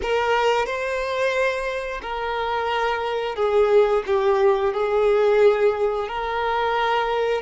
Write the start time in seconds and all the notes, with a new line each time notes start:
0.02 A#4
0.66 C5
2.01 A#4
3.35 G#4
4.06 G4
4.73 G#4
6.08 A#4